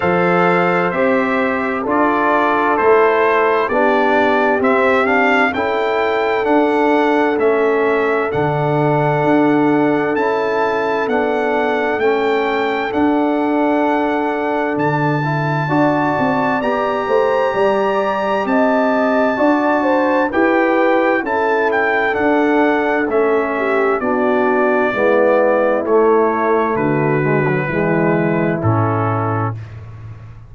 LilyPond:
<<
  \new Staff \with { instrumentName = "trumpet" } { \time 4/4 \tempo 4 = 65 f''4 e''4 d''4 c''4 | d''4 e''8 f''8 g''4 fis''4 | e''4 fis''2 a''4 | fis''4 g''4 fis''2 |
a''2 ais''2 | a''2 g''4 a''8 g''8 | fis''4 e''4 d''2 | cis''4 b'2 a'4 | }
  \new Staff \with { instrumentName = "horn" } { \time 4/4 c''2 a'2 | g'2 a'2~ | a'1~ | a'1~ |
a'4 d''4. c''8 d''4 | dis''4 d''8 c''8 b'4 a'4~ | a'4. g'8 fis'4 e'4~ | e'4 fis'4 e'2 | }
  \new Staff \with { instrumentName = "trombone" } { \time 4/4 a'4 g'4 f'4 e'4 | d'4 c'8 d'8 e'4 d'4 | cis'4 d'2 e'4 | d'4 cis'4 d'2~ |
d'8 e'8 fis'4 g'2~ | g'4 fis'4 g'4 e'4 | d'4 cis'4 d'4 b4 | a4. gis16 fis16 gis4 cis'4 | }
  \new Staff \with { instrumentName = "tuba" } { \time 4/4 f4 c'4 d'4 a4 | b4 c'4 cis'4 d'4 | a4 d4 d'4 cis'4 | b4 a4 d'2 |
d4 d'8 c'8 b8 a8 g4 | c'4 d'4 e'4 cis'4 | d'4 a4 b4 gis4 | a4 d4 e4 a,4 | }
>>